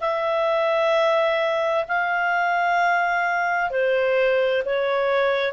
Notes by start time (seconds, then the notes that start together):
0.00 E5
1.88 F5
3.70 C5
4.65 C#5